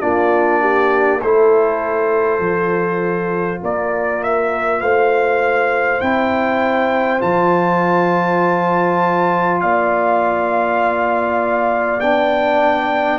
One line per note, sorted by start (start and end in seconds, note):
0.00 1.22 A#3
0.00 1.20 D4
0.00 0.60 F4
0.00 1.21 D5
0.60 1.21 G4
1.22 2.39 A3
1.22 2.42 E4
1.22 3.62 A4
1.22 3.62 C5
2.39 3.59 F3
2.39 6.00 F4
3.62 4.81 A#3
3.62 4.81 A#4
3.62 4.24 D5
4.24 4.81 E5
4.81 6.01 A3
4.81 9.61 C5
4.81 6.01 F5
6.00 7.21 C4
6.00 7.20 E4
6.00 7.21 G5
7.20 9.63 F3
7.20 12.00 F4
7.20 9.61 A5
9.61 12.01 A#3
9.61 13.19 D5
9.61 12.00 F5
12.00 13.19 B3
12.00 13.19 D4
12.00 13.19 G5